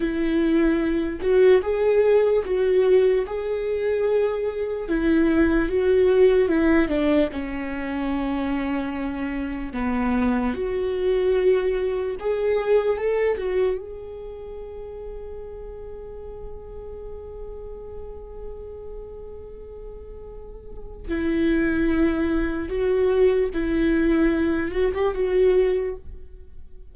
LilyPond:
\new Staff \with { instrumentName = "viola" } { \time 4/4 \tempo 4 = 74 e'4. fis'8 gis'4 fis'4 | gis'2 e'4 fis'4 | e'8 d'8 cis'2. | b4 fis'2 gis'4 |
a'8 fis'8 gis'2.~ | gis'1~ | gis'2 e'2 | fis'4 e'4. fis'16 g'16 fis'4 | }